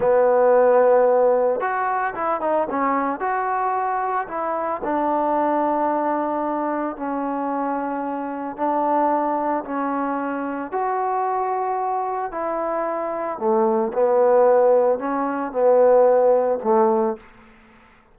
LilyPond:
\new Staff \with { instrumentName = "trombone" } { \time 4/4 \tempo 4 = 112 b2. fis'4 | e'8 dis'8 cis'4 fis'2 | e'4 d'2.~ | d'4 cis'2. |
d'2 cis'2 | fis'2. e'4~ | e'4 a4 b2 | cis'4 b2 a4 | }